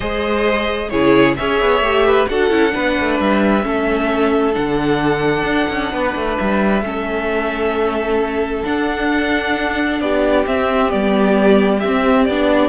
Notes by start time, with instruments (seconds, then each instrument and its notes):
0.00 cello G#3, viola G#4, violin C5 D#5
0.89 cello C#3, viola E4, violin G#4 C#5
1.36 cello C#4, viola G#4, violin C#5 E5
1.61 cello B3
1.80 cello A3, viola G4
2.06 violin B4
2.28 cello D4, viola F#4, violin A4 F#5
2.50 cello C#4, viola E4
2.70 cello B3, viola D4, violin B4
2.99 cello A3
3.19 cello G3, violin E5
3.62 cello A3, viola C#4, violin A4
4.52 cello D3, viola D4, violin F#5
5.42 cello D4
5.69 cello C#4
5.92 cello B3, violin B4
6.15 cello A3
6.37 cello G3, violin E5
6.82 cello A3, viola C#4, violin A4
8.64 viola D4, cello D4, violin F#5
10.00 cello B3, violin G4 D5
10.45 viola C4, cello C4, violin E5
10.89 cello G3, viola B3, violin D5
11.79 viola C4, cello C4, violin E5
12.24 cello B3, viola D4, violin D5